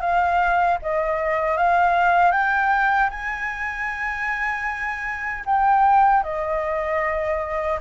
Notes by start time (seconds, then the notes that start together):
0.00 F5
0.82 D#5
1.57 F5
2.32 G5
3.10 G#5
5.45 G5
6.23 D#5